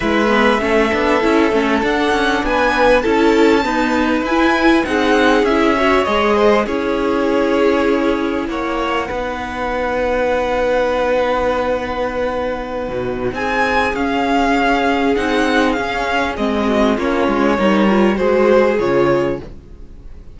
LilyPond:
<<
  \new Staff \with { instrumentName = "violin" } { \time 4/4 \tempo 4 = 99 e''2. fis''4 | gis''4 a''2 gis''4 | fis''4 e''4 dis''4 cis''4~ | cis''2 fis''2~ |
fis''1~ | fis''2 gis''4 f''4~ | f''4 fis''4 f''4 dis''4 | cis''2 c''4 cis''4 | }
  \new Staff \with { instrumentName = "violin" } { \time 4/4 b'4 a'2. | b'4 a'4 b'2 | gis'4. cis''4 c''8 gis'4~ | gis'2 cis''4 b'4~ |
b'1~ | b'2 gis'2~ | gis'2.~ gis'8 fis'8 | f'4 ais'4 gis'2 | }
  \new Staff \with { instrumentName = "viola" } { \time 4/4 e'8 b8 cis'8 d'8 e'8 cis'8 d'4~ | d'4 e'4 b4 e'4 | dis'4 e'8 fis'8 gis'4 e'4~ | e'2. dis'4~ |
dis'1~ | dis'2. cis'4~ | cis'4 dis'4 cis'4 c'4 | cis'4 dis'8 f'8 fis'4 f'4 | }
  \new Staff \with { instrumentName = "cello" } { \time 4/4 gis4 a8 b8 cis'8 a8 d'8 cis'8 | b4 cis'4 dis'4 e'4 | c'4 cis'4 gis4 cis'4~ | cis'2 ais4 b4~ |
b1~ | b4~ b16 b,8. c'4 cis'4~ | cis'4 c'4 cis'4 gis4 | ais8 gis8 g4 gis4 cis4 | }
>>